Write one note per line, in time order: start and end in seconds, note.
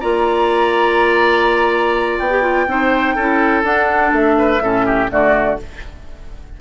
0.00 2.19 A#3
0.00 2.30 F4
0.00 2.66 D5
0.00 2.18 A#5
2.18 2.67 B3
2.18 3.63 G5
2.30 2.42 G4
2.42 2.66 F4
2.67 3.15 C4
2.67 3.16 D#4
2.67 3.15 C5
3.15 3.63 C#4
3.15 3.63 E4
3.15 4.36 A4
3.63 4.11 D4
3.63 4.60 D4
3.63 4.13 F#5
4.12 4.60 A3
4.12 5.11 E5
4.38 4.62 B4
4.61 5.09 A2
4.61 5.09 C#4
4.61 4.86 A4
4.86 5.10 G4
5.09 5.59 D3
5.09 5.57 A3
5.09 5.60 F#4
5.09 5.59 D5